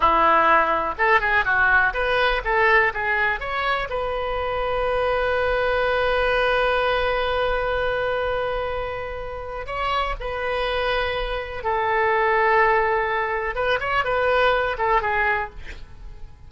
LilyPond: \new Staff \with { instrumentName = "oboe" } { \time 4/4 \tempo 4 = 124 e'2 a'8 gis'8 fis'4 | b'4 a'4 gis'4 cis''4 | b'1~ | b'1~ |
b'1 | cis''4 b'2. | a'1 | b'8 cis''8 b'4. a'8 gis'4 | }